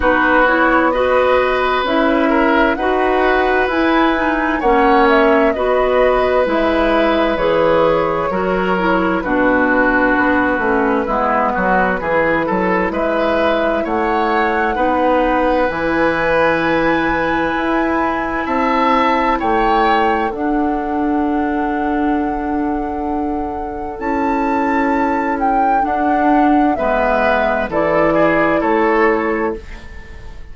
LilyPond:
<<
  \new Staff \with { instrumentName = "flute" } { \time 4/4 \tempo 4 = 65 b'8 cis''8 dis''4 e''4 fis''4 | gis''4 fis''8 e''8 dis''4 e''4 | cis''2 b'2~ | b'2 e''4 fis''4~ |
fis''4 gis''2. | a''4 g''4 fis''2~ | fis''2 a''4. g''8 | fis''4 e''4 d''4 cis''4 | }
  \new Staff \with { instrumentName = "oboe" } { \time 4/4 fis'4 b'4. ais'8 b'4~ | b'4 cis''4 b'2~ | b'4 ais'4 fis'2 | e'8 fis'8 gis'8 a'8 b'4 cis''4 |
b'1 | e''4 cis''4 a'2~ | a'1~ | a'4 b'4 a'8 gis'8 a'4 | }
  \new Staff \with { instrumentName = "clarinet" } { \time 4/4 dis'8 e'8 fis'4 e'4 fis'4 | e'8 dis'8 cis'4 fis'4 e'4 | gis'4 fis'8 e'8 d'4. cis'8 | b4 e'2. |
dis'4 e'2.~ | e'2 d'2~ | d'2 e'2 | d'4 b4 e'2 | }
  \new Staff \with { instrumentName = "bassoon" } { \time 4/4 b2 cis'4 dis'4 | e'4 ais4 b4 gis4 | e4 fis4 b,4 b8 a8 | gis8 fis8 e8 fis8 gis4 a4 |
b4 e2 e'4 | c'4 a4 d'2~ | d'2 cis'2 | d'4 gis4 e4 a4 | }
>>